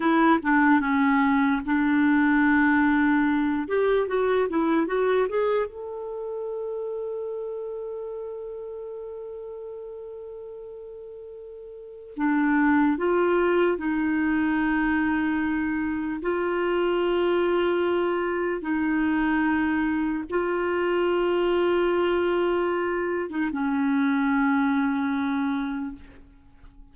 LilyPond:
\new Staff \with { instrumentName = "clarinet" } { \time 4/4 \tempo 4 = 74 e'8 d'8 cis'4 d'2~ | d'8 g'8 fis'8 e'8 fis'8 gis'8 a'4~ | a'1~ | a'2. d'4 |
f'4 dis'2. | f'2. dis'4~ | dis'4 f'2.~ | f'8. dis'16 cis'2. | }